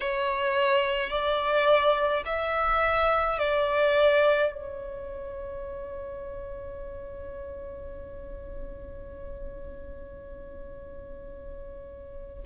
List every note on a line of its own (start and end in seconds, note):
0.00 1.10 C#5
1.10 2.23 D5
2.25 3.39 E5
3.39 4.51 D5
4.51 12.44 C#5